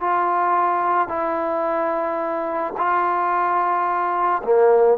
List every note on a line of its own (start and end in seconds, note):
0.00 1.08 F4
1.08 2.73 E4
2.77 4.42 F4
4.43 4.97 A#3